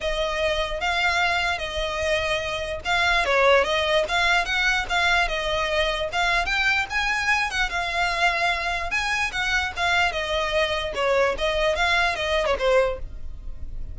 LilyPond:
\new Staff \with { instrumentName = "violin" } { \time 4/4 \tempo 4 = 148 dis''2 f''2 | dis''2. f''4 | cis''4 dis''4 f''4 fis''4 | f''4 dis''2 f''4 |
g''4 gis''4. fis''8 f''4~ | f''2 gis''4 fis''4 | f''4 dis''2 cis''4 | dis''4 f''4 dis''8. cis''16 c''4 | }